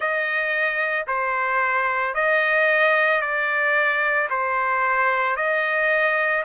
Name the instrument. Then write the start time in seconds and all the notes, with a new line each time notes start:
trumpet
0.00 D#5
1.07 C5
2.14 D#5
3.21 D5
4.30 C5
5.36 D#5